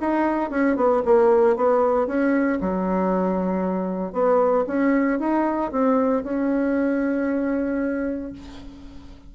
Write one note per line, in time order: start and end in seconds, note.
0.00 0.50 D#4
0.50 0.76 C#4
0.76 1.02 B3
1.05 1.56 A#3
1.56 2.07 B3
2.07 2.59 C#4
2.61 4.12 F#3
4.12 4.65 B3
4.67 5.19 C#4
5.19 5.71 D#4
5.71 6.23 C4
6.23 8.32 C#4